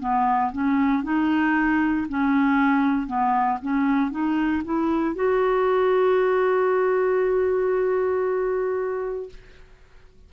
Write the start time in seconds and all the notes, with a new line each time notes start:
0.00 B3
0.52 C#4
1.03 D#4
2.09 C#4
3.07 B3
3.62 C#4
4.11 D#4
4.65 E4
5.15 F#4